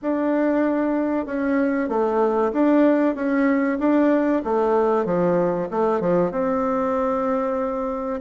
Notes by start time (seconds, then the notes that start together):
0.01 D4
1.26 C#4
1.88 A3
2.52 D4
3.15 C#4
3.79 D4
4.44 A3
5.05 F3
5.70 A3
6.00 F3
6.31 C4